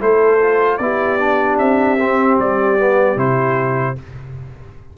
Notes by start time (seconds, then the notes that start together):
0.00 A3 E4 A4 C5
0.40 F4
0.78 B3 E4 G4 D5
1.19 D4
1.59 C4 E5
2.00 C4
2.39 G3 D5
2.78 B3
3.16 C3 E4 C5